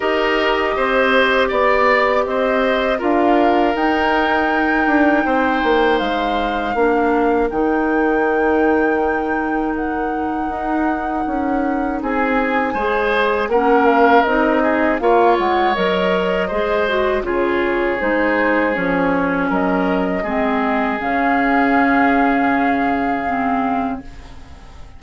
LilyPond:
<<
  \new Staff \with { instrumentName = "flute" } { \time 4/4 \tempo 4 = 80 dis''2 d''4 dis''4 | f''4 g''2. | f''2 g''2~ | g''4 fis''2. |
gis''2 fis''8 f''8 dis''4 | f''8 fis''8 dis''2 cis''4 | c''4 cis''4 dis''2 | f''1 | }
  \new Staff \with { instrumentName = "oboe" } { \time 4/4 ais'4 c''4 d''4 c''4 | ais'2. c''4~ | c''4 ais'2.~ | ais'1 |
gis'4 c''4 ais'4. gis'8 | cis''2 c''4 gis'4~ | gis'2 ais'4 gis'4~ | gis'1 | }
  \new Staff \with { instrumentName = "clarinet" } { \time 4/4 g'1 | f'4 dis'2.~ | dis'4 d'4 dis'2~ | dis'1~ |
dis'4 gis'4 cis'4 dis'4 | f'4 ais'4 gis'8 fis'8 f'4 | dis'4 cis'2 c'4 | cis'2. c'4 | }
  \new Staff \with { instrumentName = "bassoon" } { \time 4/4 dis'4 c'4 b4 c'4 | d'4 dis'4. d'8 c'8 ais8 | gis4 ais4 dis2~ | dis2 dis'4 cis'4 |
c'4 gis4 ais4 c'4 | ais8 gis8 fis4 gis4 cis4 | gis4 f4 fis4 gis4 | cis1 | }
>>